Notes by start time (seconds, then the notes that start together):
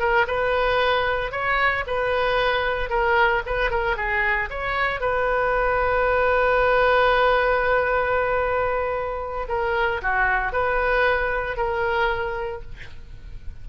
0.00 A#4
0.27 B4
1.32 C#5
1.87 B4
2.90 A#4
3.46 B4
3.70 A#4
3.97 G#4
4.50 C#5
5.00 B4
9.49 A#4
10.02 F#4
10.52 B4
11.57 A#4